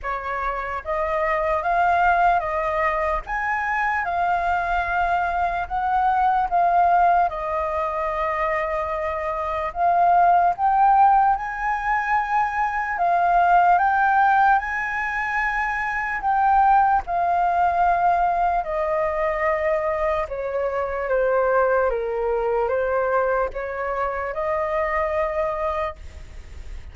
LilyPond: \new Staff \with { instrumentName = "flute" } { \time 4/4 \tempo 4 = 74 cis''4 dis''4 f''4 dis''4 | gis''4 f''2 fis''4 | f''4 dis''2. | f''4 g''4 gis''2 |
f''4 g''4 gis''2 | g''4 f''2 dis''4~ | dis''4 cis''4 c''4 ais'4 | c''4 cis''4 dis''2 | }